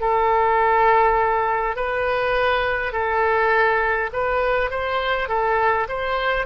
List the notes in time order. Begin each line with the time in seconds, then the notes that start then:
0.00 A4
1.76 B4
2.92 A4
4.12 B4
4.70 C5
5.28 A4
5.88 C5